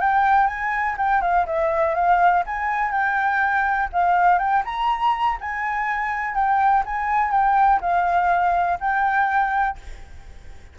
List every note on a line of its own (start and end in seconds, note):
0.00 0.47 G5
0.47 0.96 G#5
0.97 1.21 G5
1.21 1.46 F5
1.46 1.94 E5
1.94 2.43 F5
2.46 2.91 G#5
2.91 3.89 G5
3.92 4.38 F5
4.38 4.63 G5
4.65 5.38 A#5
5.40 6.34 G#5
6.34 6.83 G5
6.85 7.31 G#5
7.31 7.79 G5
7.80 8.78 F5
8.80 9.78 G5